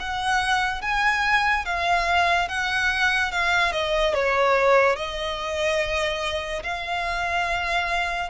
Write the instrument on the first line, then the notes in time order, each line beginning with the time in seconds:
violin
0.00 F#5
0.82 G#5
1.66 F5
2.49 F#5
3.32 F5
3.73 D#5
4.14 C#5
4.97 D#5
6.64 F5